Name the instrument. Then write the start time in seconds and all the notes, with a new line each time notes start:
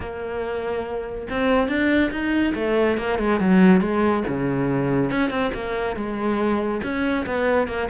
cello
0.00 A#3
1.30 C4
1.68 D4
2.11 D#4
2.55 A3
2.97 A#3
3.19 G#3
3.40 F#3
3.80 G#3
4.27 C#3
5.11 C#4
5.29 C4
5.54 A#3
5.96 G#3
6.83 C#4
7.26 B3
7.67 A#3